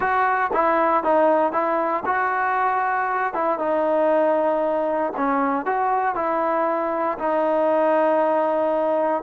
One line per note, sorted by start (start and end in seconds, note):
0.00 0.50 F#4
0.53 1.03 E4
1.03 1.52 D#4
1.52 2.03 E4
2.05 3.33 F#4
3.33 3.59 E4
3.59 5.12 D#4
5.16 5.65 C#4
5.65 6.15 F#4
6.15 7.17 E4
7.18 9.23 D#4